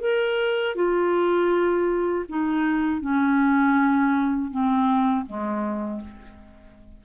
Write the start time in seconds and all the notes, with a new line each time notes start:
0.00 A#4
0.75 F4
2.29 D#4
3.01 C#4
4.51 C4
5.26 G#3